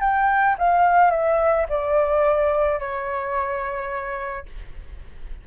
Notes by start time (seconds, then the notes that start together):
0.00 G5
0.58 F5
1.10 E5
1.69 D5
2.79 C#5